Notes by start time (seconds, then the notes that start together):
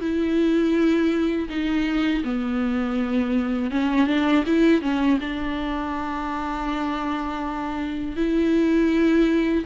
0.00 E4
1.49 D#4
2.24 B3
3.70 C#4
4.06 D4
4.46 E4
4.81 C#4
5.20 D4
8.16 E4